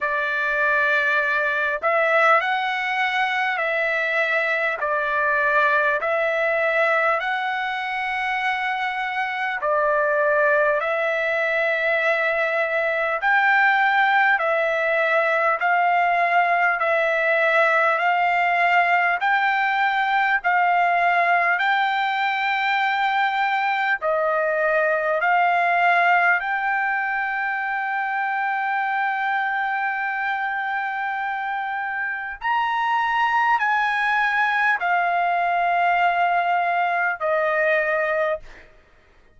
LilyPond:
\new Staff \with { instrumentName = "trumpet" } { \time 4/4 \tempo 4 = 50 d''4. e''8 fis''4 e''4 | d''4 e''4 fis''2 | d''4 e''2 g''4 | e''4 f''4 e''4 f''4 |
g''4 f''4 g''2 | dis''4 f''4 g''2~ | g''2. ais''4 | gis''4 f''2 dis''4 | }